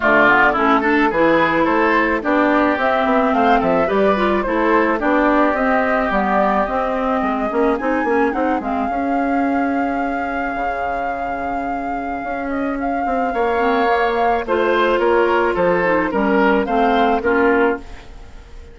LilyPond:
<<
  \new Staff \with { instrumentName = "flute" } { \time 4/4 \tempo 4 = 108 d''4 a'4 b'4 c''4 | d''4 e''4 f''8 e''8 d''4 | c''4 d''4 dis''4 d''4 | dis''2 gis''4 fis''8 f''8~ |
f''1~ | f''2~ f''8 dis''8 f''4~ | f''2 c''4 cis''4 | c''4 ais'4 f''4 ais'4 | }
  \new Staff \with { instrumentName = "oboe" } { \time 4/4 f'4 e'8 a'8 gis'4 a'4 | g'2 c''8 a'8 b'4 | a'4 g'2.~ | g'4 gis'2.~ |
gis'1~ | gis'1 | cis''2 c''4 ais'4 | a'4 ais'4 c''4 f'4 | }
  \new Staff \with { instrumentName = "clarinet" } { \time 4/4 a8 b8 cis'8 d'8 e'2 | d'4 c'2 g'8 f'8 | e'4 d'4 c'4 b4 | c'4. cis'8 dis'8 cis'8 dis'8 c'8 |
cis'1~ | cis'1~ | cis'8 c'8 ais4 f'2~ | f'8 dis'8 cis'4 c'4 cis'4 | }
  \new Staff \with { instrumentName = "bassoon" } { \time 4/4 d4 a4 e4 a4 | b4 c'8 b8 a8 f8 g4 | a4 b4 c'4 g4 | c'4 gis8 ais8 c'8 ais8 c'8 gis8 |
cis'2. cis4~ | cis2 cis'4. c'8 | ais2 a4 ais4 | f4 g4 a4 ais4 | }
>>